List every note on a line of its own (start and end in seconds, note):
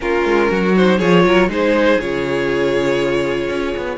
0.00 0.24 A#3
0.00 0.73 C#4
0.00 0.50 F4
0.00 0.75 A#4
0.24 0.49 G#3
0.50 1.00 F#3
0.50 0.98 F#4
0.76 1.01 D#4
0.76 0.99 C5
0.98 1.24 F3
0.98 1.49 F4
0.98 1.23 G#4
0.98 1.49 C#5
1.24 1.48 F#3
1.24 1.48 A#4
1.48 1.98 G#3
1.48 1.99 D#4
1.48 3.97 G#4
1.48 2.00 C5
2.00 3.49 C#3
2.00 3.97 F4
2.00 3.97 C#5
3.49 3.74 C#4
3.76 3.97 B3